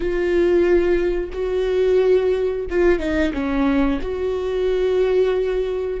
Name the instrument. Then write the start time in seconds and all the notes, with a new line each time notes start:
viola
0.00 F4
1.32 F#4
2.70 F4
2.98 D#4
3.33 C#4
4.02 F#4